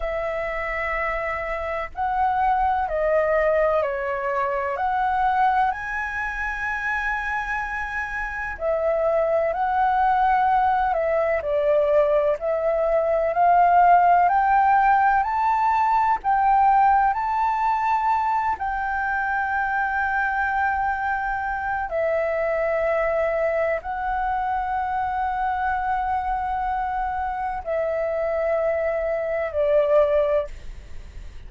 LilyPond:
\new Staff \with { instrumentName = "flute" } { \time 4/4 \tempo 4 = 63 e''2 fis''4 dis''4 | cis''4 fis''4 gis''2~ | gis''4 e''4 fis''4. e''8 | d''4 e''4 f''4 g''4 |
a''4 g''4 a''4. g''8~ | g''2. e''4~ | e''4 fis''2.~ | fis''4 e''2 d''4 | }